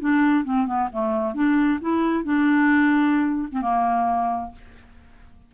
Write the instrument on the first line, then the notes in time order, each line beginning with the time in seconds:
clarinet
0.00 D4
0.44 C4
0.66 B3
0.92 A3
1.35 D4
1.81 E4
2.24 D4
3.51 C4
3.62 A#3